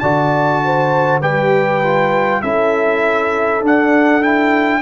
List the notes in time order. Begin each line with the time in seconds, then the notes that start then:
0.00 D3 F#4 D5 A5
0.65 C5
1.21 G3 G4 B4 G5
1.83 F4
2.42 C#4 E4 A4 E5
3.62 D4 F#5
4.22 E4 G5